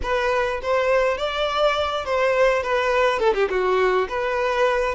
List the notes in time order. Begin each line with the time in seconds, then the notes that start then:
0.02 B4
0.61 C5
1.17 D5
2.05 C5
2.62 B4
3.19 A4
3.34 G4
3.49 F#4
4.09 B4